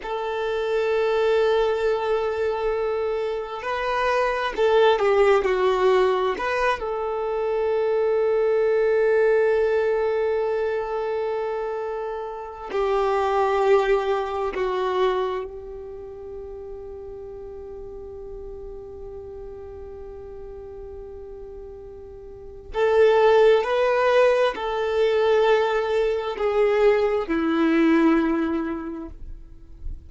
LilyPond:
\new Staff \with { instrumentName = "violin" } { \time 4/4 \tempo 4 = 66 a'1 | b'4 a'8 g'8 fis'4 b'8 a'8~ | a'1~ | a'2 g'2 |
fis'4 g'2.~ | g'1~ | g'4 a'4 b'4 a'4~ | a'4 gis'4 e'2 | }